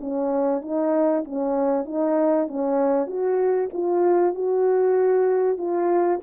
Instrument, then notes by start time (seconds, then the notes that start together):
horn
0.00 C#4
0.61 D#4
1.24 C#4
1.85 D#4
2.47 C#4
3.07 F#4
3.73 F4
4.35 F#4
5.57 F4